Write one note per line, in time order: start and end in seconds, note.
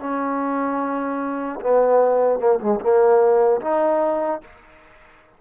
0.00 1.60 C#4
1.61 2.40 B3
2.40 2.60 A#3
2.60 2.80 G#3
2.81 3.61 A#3
3.61 4.41 D#4